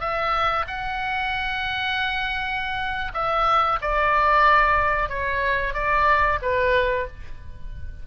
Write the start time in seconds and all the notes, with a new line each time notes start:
0.00 E5
0.67 F#5
3.14 E5
3.81 D5
5.09 C#5
5.74 D5
6.42 B4